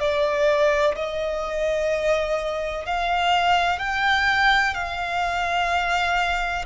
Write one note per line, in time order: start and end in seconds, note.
0.00 0.95 D5
0.96 2.86 D#5
2.86 3.79 F5
3.79 4.74 G5
4.74 6.65 F5